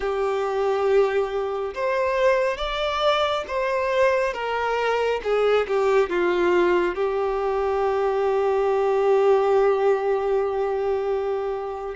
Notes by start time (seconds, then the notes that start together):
0.00 G4
1.74 C5
2.57 D5
3.47 C5
4.33 A#4
5.23 G#4
5.68 G4
6.09 F4
6.95 G4